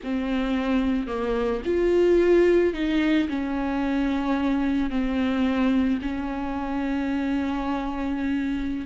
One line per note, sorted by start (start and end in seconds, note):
0.03 1.07 C4
1.07 1.61 A#3
1.65 2.73 F4
2.73 3.28 D#4
3.28 4.90 C#4
4.90 5.99 C4
6.01 8.85 C#4